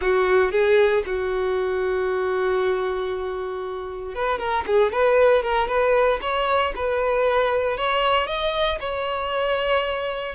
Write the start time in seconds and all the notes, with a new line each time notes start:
0.01 F#4
0.51 G#4
1.06 F#4
4.14 B4
4.38 A#4
4.66 G#4
4.92 B4
5.42 A#4
5.68 B4
6.21 C#5
6.75 B4
7.77 C#5
8.26 D#5
8.80 C#5